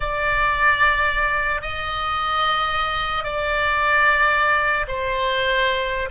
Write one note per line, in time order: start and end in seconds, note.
0.00 1.61 D5
1.61 3.24 D#5
3.24 4.86 D5
4.87 6.09 C5